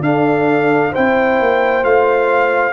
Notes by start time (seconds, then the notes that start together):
0.00 D4 A4 F5
0.91 C4 E4 C5 G5
1.40 A#3
1.83 A3 F4 F5